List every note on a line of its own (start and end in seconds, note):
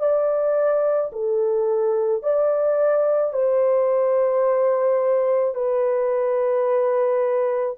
0.00 1.11 D5
1.13 2.23 A4
2.23 3.33 D5
3.33 5.55 C5
5.55 7.77 B4